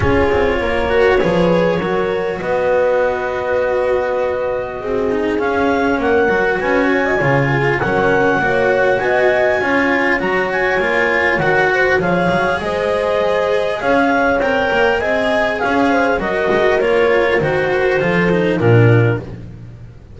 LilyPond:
<<
  \new Staff \with { instrumentName = "clarinet" } { \time 4/4 \tempo 4 = 100 cis''1 | dis''1~ | dis''4 f''4 fis''4 gis''4~ | gis''4 fis''2 gis''4~ |
gis''4 ais''8 gis''4. fis''4 | f''4 dis''2 f''4 | g''4 gis''4 f''4 dis''4 | cis''4 c''2 ais'4 | }
  \new Staff \with { instrumentName = "horn" } { \time 4/4 gis'4 ais'4 b'4 ais'4 | b'1 | gis'2 ais'4 b'8 cis''16 dis''16 | cis''8 gis'8 ais'4 cis''4 dis''4 |
cis''2.~ cis''8 c''8 | cis''4 c''2 cis''4~ | cis''4 dis''4 cis''8 c''8 ais'4~ | ais'2 a'4 f'4 | }
  \new Staff \with { instrumentName = "cello" } { \time 4/4 f'4. fis'8 gis'4 fis'4~ | fis'1~ | fis'8 dis'8 cis'4. fis'4. | f'4 cis'4 fis'2 |
f'4 fis'4 f'4 fis'4 | gis'1 | ais'4 gis'2 fis'4 | f'4 fis'4 f'8 dis'8 d'4 | }
  \new Staff \with { instrumentName = "double bass" } { \time 4/4 cis'8 c'8 ais4 f4 fis4 | b1 | c'4 cis'4 ais8 fis8 cis'4 | cis4 fis4 ais4 b4 |
cis'4 fis4 ais4 dis4 | f8 fis8 gis2 cis'4 | c'8 ais8 c'4 cis'4 fis8 gis8 | ais4 dis4 f4 ais,4 | }
>>